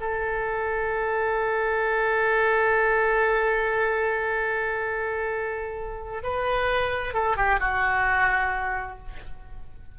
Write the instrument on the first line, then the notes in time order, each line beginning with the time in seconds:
oboe
0.00 A4
6.23 B4
7.14 A4
7.37 G4
7.60 F#4